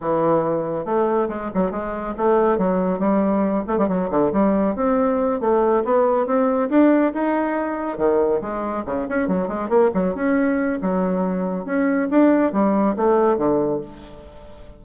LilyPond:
\new Staff \with { instrumentName = "bassoon" } { \time 4/4 \tempo 4 = 139 e2 a4 gis8 fis8 | gis4 a4 fis4 g4~ | g8 a16 g16 fis8 d8 g4 c'4~ | c'8 a4 b4 c'4 d'8~ |
d'8 dis'2 dis4 gis8~ | gis8 cis8 cis'8 fis8 gis8 ais8 fis8 cis'8~ | cis'4 fis2 cis'4 | d'4 g4 a4 d4 | }